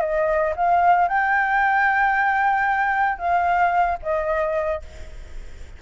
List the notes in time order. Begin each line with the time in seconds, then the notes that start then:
0.00 D#5
0.56 F5
1.08 G5
3.18 F5
4.02 D#5